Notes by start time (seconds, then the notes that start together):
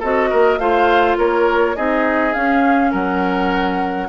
0.00 C4 F#4 A4 D#5
0.30 A#3 A#4
0.58 A3 F4 C5 F5
1.18 A#3 A#4 C#5
1.76 C4 D#4 G#4 D#5
2.34 C#4 F5
2.91 F#3 A#4 F#5